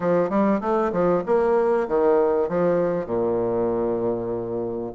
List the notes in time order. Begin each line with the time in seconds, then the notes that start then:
0.00 F3
0.29 G3
0.60 A3
0.92 F3
1.25 A#3
1.88 D#3
2.49 F3
3.06 A#2